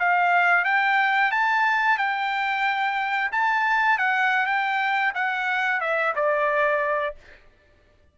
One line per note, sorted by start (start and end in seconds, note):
0.00 0.65 F5
0.65 1.32 G5
1.32 1.98 A5
1.98 3.32 G5
3.32 3.99 A5
3.99 4.47 F#5
4.47 5.13 G5
5.15 5.81 F#5
5.81 6.14 E5
6.16 7.16 D5